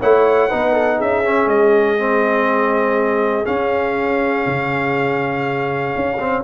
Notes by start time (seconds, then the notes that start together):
0.00 A3 E4 C#5 F#5
0.49 B3 D#4 B4
0.74 A4
0.98 C#4 G#4 E5
1.24 C#4
1.46 G#3 D#5
1.99 C4
3.45 C#4 F5
4.47 C#3
5.96 C#4
6.20 C4